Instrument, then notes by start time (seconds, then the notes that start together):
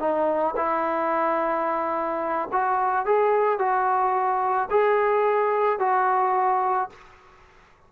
trombone
0.00 D#4
0.57 E4
2.52 F#4
3.06 G#4
3.59 F#4
4.71 G#4
5.79 F#4